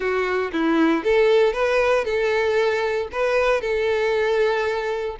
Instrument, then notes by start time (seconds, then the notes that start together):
violin
0.00 F#4
0.52 E4
1.03 A4
1.53 B4
2.04 A4
3.12 B4
3.61 A4